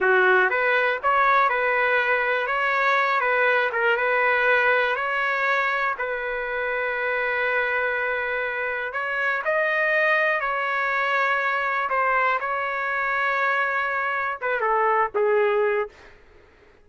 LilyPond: \new Staff \with { instrumentName = "trumpet" } { \time 4/4 \tempo 4 = 121 fis'4 b'4 cis''4 b'4~ | b'4 cis''4. b'4 ais'8 | b'2 cis''2 | b'1~ |
b'2 cis''4 dis''4~ | dis''4 cis''2. | c''4 cis''2.~ | cis''4 b'8 a'4 gis'4. | }